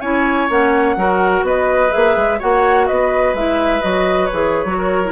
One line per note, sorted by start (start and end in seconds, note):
0.00 0.49 C#4
0.00 0.49 E4
0.00 0.95 C#5
0.00 0.48 G#5
0.49 0.96 A#3
0.49 0.96 C#4
0.49 1.46 F#5
0.96 1.42 F#3
0.96 1.90 F#4
0.96 1.45 A#4
1.42 1.90 B3
1.42 2.38 B4
1.42 1.92 D#5
1.90 2.16 A#3
1.90 2.37 G#4
1.90 2.39 E5
2.16 2.40 G#3
2.38 2.90 A#3
2.38 3.35 F#4
2.38 2.86 C#5
2.38 2.87 F#5
2.87 3.33 B3
2.87 4.77 B4
2.87 3.34 D#5
3.33 3.81 G#3
3.33 3.81 E4
3.33 3.82 E5
3.81 4.31 F#3
3.81 4.28 F#4
3.81 4.26 D#5
4.26 4.67 G#4
4.26 5.09 C#5
4.32 4.64 E3
4.64 5.12 F#3
4.64 5.02 F#4
4.77 5.12 A#4
5.05 5.12 E4